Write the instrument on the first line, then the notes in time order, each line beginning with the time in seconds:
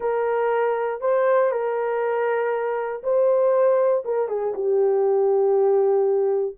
horn
0.00 A#4
1.01 C5
1.51 A#4
3.03 C5
4.05 A#4
4.28 G#4
4.54 G4